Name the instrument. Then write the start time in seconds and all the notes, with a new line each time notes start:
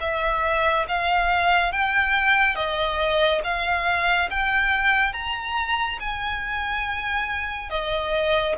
violin
0.00 E5
0.88 F5
1.72 G5
2.56 D#5
3.44 F5
4.30 G5
5.13 A#5
6.00 G#5
7.69 D#5